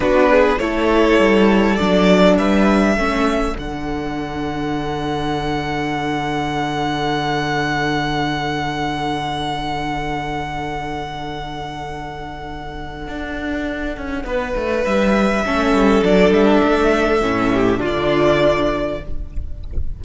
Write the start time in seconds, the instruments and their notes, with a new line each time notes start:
0.00 cello B3, viola D4, violin F#4 B4
0.30 violin G#4
0.58 cello A3, viola E4, violin A4 C#5
1.18 cello G3
1.75 cello F#3, viola D4, violin D5
2.37 cello G3, violin B4 E5
2.95 cello A3, viola C#4, violin A4
3.55 cello D3, viola D4, violin F#5
13.07 cello D4
13.96 cello C#4
14.24 cello B3, violin B4
14.55 cello A3
14.84 cello G3, violin E5
15.45 cello A3, viola C#4, violin A4
15.72 cello G3
16.03 cello F#3, viola D4, violin D5
16.30 cello G3, violin E5
16.63 cello A3
17.20 cello A2, viola C#4
17.53 violin G4
17.78 cello D3, viola D4, violin F4
17.85 violin D5